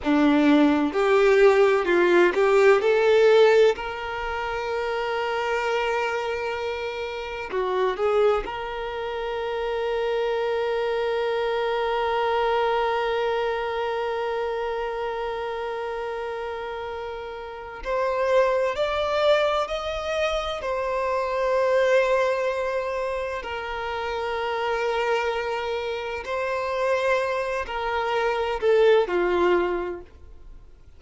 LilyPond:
\new Staff \with { instrumentName = "violin" } { \time 4/4 \tempo 4 = 64 d'4 g'4 f'8 g'8 a'4 | ais'1 | fis'8 gis'8 ais'2.~ | ais'1~ |
ais'2. c''4 | d''4 dis''4 c''2~ | c''4 ais'2. | c''4. ais'4 a'8 f'4 | }